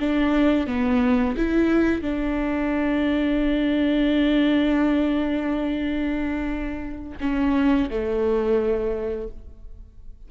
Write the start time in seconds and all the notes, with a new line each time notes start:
0.00 D4
0.67 B3
1.37 E4
2.02 D4
7.21 C#4
7.91 A3